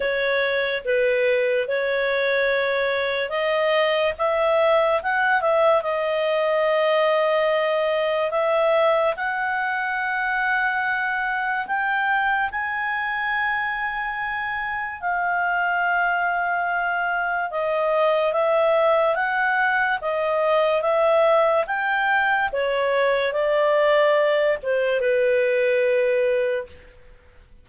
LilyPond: \new Staff \with { instrumentName = "clarinet" } { \time 4/4 \tempo 4 = 72 cis''4 b'4 cis''2 | dis''4 e''4 fis''8 e''8 dis''4~ | dis''2 e''4 fis''4~ | fis''2 g''4 gis''4~ |
gis''2 f''2~ | f''4 dis''4 e''4 fis''4 | dis''4 e''4 g''4 cis''4 | d''4. c''8 b'2 | }